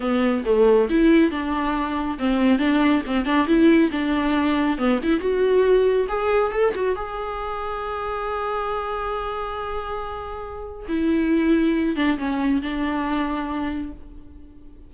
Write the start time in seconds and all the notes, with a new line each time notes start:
0.00 B3
0.45 A3
0.89 E4
1.30 D4
2.18 C4
2.58 D4
3.06 C4
3.25 D4
3.47 E4
3.91 D4
4.77 B3
5.03 E4
5.20 F#4
6.08 G#4
6.52 A4
6.75 F#4
6.95 G#4
10.88 E4
11.95 D4
12.18 C#4
12.61 D4